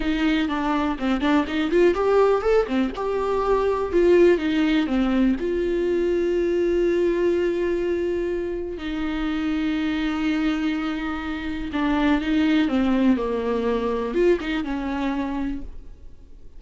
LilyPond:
\new Staff \with { instrumentName = "viola" } { \time 4/4 \tempo 4 = 123 dis'4 d'4 c'8 d'8 dis'8 f'8 | g'4 a'8 c'8 g'2 | f'4 dis'4 c'4 f'4~ | f'1~ |
f'2 dis'2~ | dis'1 | d'4 dis'4 c'4 ais4~ | ais4 f'8 dis'8 cis'2 | }